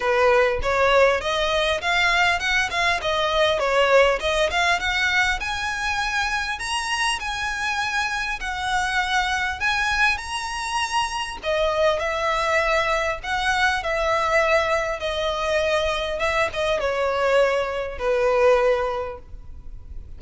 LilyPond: \new Staff \with { instrumentName = "violin" } { \time 4/4 \tempo 4 = 100 b'4 cis''4 dis''4 f''4 | fis''8 f''8 dis''4 cis''4 dis''8 f''8 | fis''4 gis''2 ais''4 | gis''2 fis''2 |
gis''4 ais''2 dis''4 | e''2 fis''4 e''4~ | e''4 dis''2 e''8 dis''8 | cis''2 b'2 | }